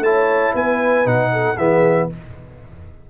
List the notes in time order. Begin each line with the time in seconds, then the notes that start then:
0.00 A3 E4 C#5 A5
0.54 B3 B4 G#5
1.05 B2 D#4 F#5
1.33 A4
1.58 E3 B3 G#4 E5